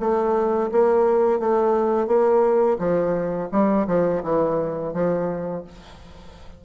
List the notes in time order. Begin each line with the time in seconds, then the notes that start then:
0.00 A3
0.72 A#3
1.40 A3
2.07 A#3
2.79 F3
3.51 G3
3.87 F3
4.23 E3
4.93 F3